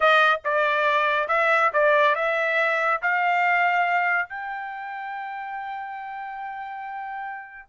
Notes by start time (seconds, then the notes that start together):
0.00 D#5
0.44 D5
1.28 E5
1.73 D5
2.15 E5
3.01 F5
4.29 G5